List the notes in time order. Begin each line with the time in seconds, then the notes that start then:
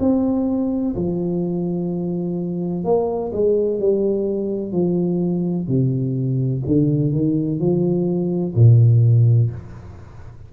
0.00 C4
0.96 F3
2.84 A#3
3.32 G#3
3.80 G3
4.72 F3
5.68 C3
6.66 D3
7.12 D#3
7.59 F3
8.55 A#2